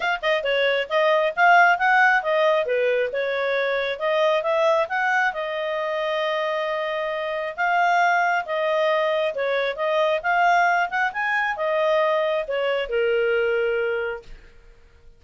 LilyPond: \new Staff \with { instrumentName = "clarinet" } { \time 4/4 \tempo 4 = 135 f''8 dis''8 cis''4 dis''4 f''4 | fis''4 dis''4 b'4 cis''4~ | cis''4 dis''4 e''4 fis''4 | dis''1~ |
dis''4 f''2 dis''4~ | dis''4 cis''4 dis''4 f''4~ | f''8 fis''8 gis''4 dis''2 | cis''4 ais'2. | }